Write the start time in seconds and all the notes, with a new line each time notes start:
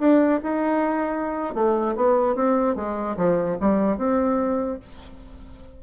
0.00 D4
0.43 D#4
1.55 A3
1.96 B3
2.36 C4
2.76 G#3
3.17 F3
3.61 G3
3.98 C4